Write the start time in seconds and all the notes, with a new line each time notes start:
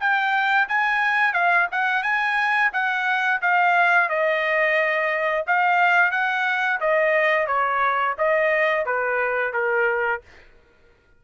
0.00 G5
0.68 G#5
1.33 F5
1.72 F#5
2.03 G#5
2.73 F#5
3.42 F5
4.09 D#5
5.47 F5
6.11 F#5
6.81 D#5
7.47 C#5
8.18 D#5
8.86 B4
9.54 A#4